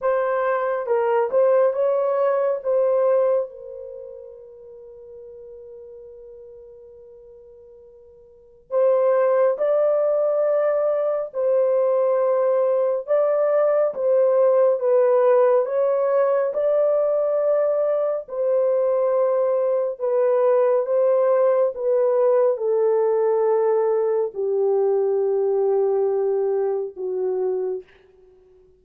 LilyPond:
\new Staff \with { instrumentName = "horn" } { \time 4/4 \tempo 4 = 69 c''4 ais'8 c''8 cis''4 c''4 | ais'1~ | ais'2 c''4 d''4~ | d''4 c''2 d''4 |
c''4 b'4 cis''4 d''4~ | d''4 c''2 b'4 | c''4 b'4 a'2 | g'2. fis'4 | }